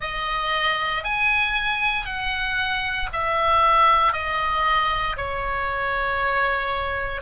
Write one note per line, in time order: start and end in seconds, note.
0.00 1.03 D#5
1.03 2.05 G#5
2.05 3.08 F#5
3.13 4.12 E5
4.12 5.16 D#5
5.16 7.21 C#5